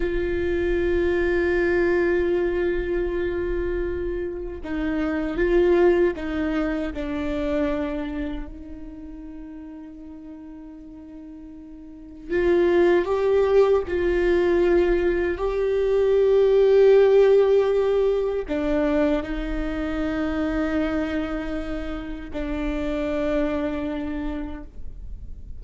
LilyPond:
\new Staff \with { instrumentName = "viola" } { \time 4/4 \tempo 4 = 78 f'1~ | f'2 dis'4 f'4 | dis'4 d'2 dis'4~ | dis'1 |
f'4 g'4 f'2 | g'1 | d'4 dis'2.~ | dis'4 d'2. | }